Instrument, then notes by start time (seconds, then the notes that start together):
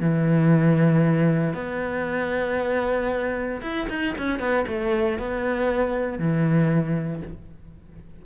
cello
0.00 E3
1.54 B3
3.61 E4
3.89 D#4
4.18 C#4
4.39 B3
4.67 A3
5.18 B3
6.19 E3